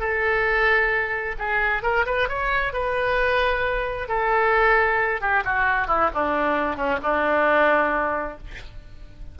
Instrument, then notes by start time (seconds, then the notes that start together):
oboe
0.00 A4
1.39 G#4
1.83 A#4
2.06 B4
2.28 C#5
2.73 B4
4.08 A4
5.21 G4
5.45 F#4
5.87 E4
6.14 D4
6.76 C#4
7.03 D4